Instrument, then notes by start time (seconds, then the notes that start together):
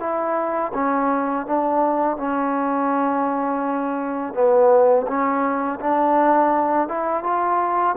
trombone
0.00 E4
0.74 C#4
1.47 D4
2.17 C#4
4.34 B3
5.08 C#4
5.80 D4
6.89 E4
7.24 F4